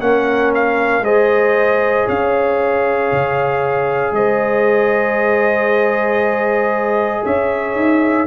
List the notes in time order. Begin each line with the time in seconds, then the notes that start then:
0.00 A#3 C#4 A#4 F#5
0.55 F5
1.00 G#3 G#4 C5 D#5
2.07 C#4 C#5 F5
3.12 C#3
4.12 G#3 C5 D#5
7.25 C#4 C#5 E5
7.75 D#4